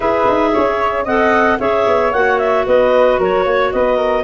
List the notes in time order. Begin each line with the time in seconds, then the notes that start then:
0.00 E4 G#4 B4 E5
0.27 D#4
0.53 C#4 C#5
1.04 C4 A4 D#5 F#5
1.59 C#4 G#4 C#5 E5
1.87 B3
2.12 A#3 F#4 F#5
2.38 E5
2.66 B3 B4 D#5
3.18 F#3 A#4 C#5
3.43 A#3 C#5
3.72 B3 B4 D#5
3.96 A#4